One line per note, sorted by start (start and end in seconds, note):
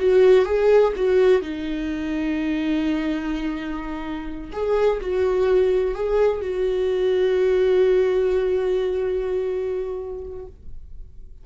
0.00 0.46 F#4
0.46 0.93 G#4
0.96 1.42 F#4
1.42 4.52 D#4
4.53 5.01 G#4
5.01 5.95 F#4
5.95 6.42 G#4
6.42 10.47 F#4